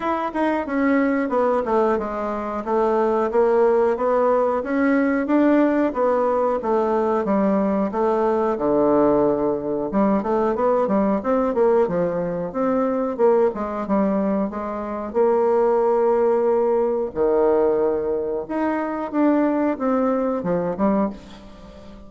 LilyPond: \new Staff \with { instrumentName = "bassoon" } { \time 4/4 \tempo 4 = 91 e'8 dis'8 cis'4 b8 a8 gis4 | a4 ais4 b4 cis'4 | d'4 b4 a4 g4 | a4 d2 g8 a8 |
b8 g8 c'8 ais8 f4 c'4 | ais8 gis8 g4 gis4 ais4~ | ais2 dis2 | dis'4 d'4 c'4 f8 g8 | }